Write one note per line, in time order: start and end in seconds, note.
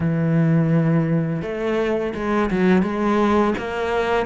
0.00 1.42 E3
1.42 2.13 A3
2.14 2.50 G#3
2.50 2.82 F#3
2.82 3.54 G#3
3.58 4.26 A#3